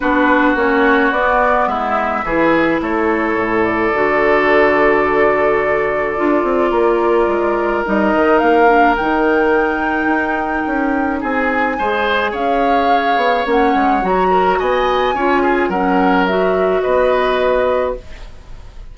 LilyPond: <<
  \new Staff \with { instrumentName = "flute" } { \time 4/4 \tempo 4 = 107 b'4 cis''4 d''4 e''4~ | e''4 cis''4. d''4.~ | d''1~ | d''2 dis''4 f''4 |
g''1 | gis''2 f''2 | fis''4 ais''4 gis''2 | fis''4 e''4 dis''2 | }
  \new Staff \with { instrumentName = "oboe" } { \time 4/4 fis'2. e'4 | gis'4 a'2.~ | a'1 | ais'1~ |
ais'1 | gis'4 c''4 cis''2~ | cis''4. ais'8 dis''4 cis''8 gis'8 | ais'2 b'2 | }
  \new Staff \with { instrumentName = "clarinet" } { \time 4/4 d'4 cis'4 b2 | e'2. fis'4~ | fis'2. f'4~ | f'2 dis'4. d'8 |
dis'1~ | dis'4 gis'2. | cis'4 fis'2 f'4 | cis'4 fis'2. | }
  \new Staff \with { instrumentName = "bassoon" } { \time 4/4 b4 ais4 b4 gis4 | e4 a4 a,4 d4~ | d2. d'8 c'8 | ais4 gis4 g8 dis8 ais4 |
dis2 dis'4 cis'4 | c'4 gis4 cis'4. b8 | ais8 gis8 fis4 b4 cis'4 | fis2 b2 | }
>>